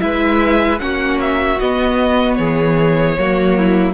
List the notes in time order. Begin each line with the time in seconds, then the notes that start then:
0.00 G#3 E4 B4 E5
0.79 A#3 C#4 F#4 F#5
1.21 E5
1.60 B3 D#5
2.35 E3 G#4 C#5
3.18 F#3 A#3 F#4
3.58 E4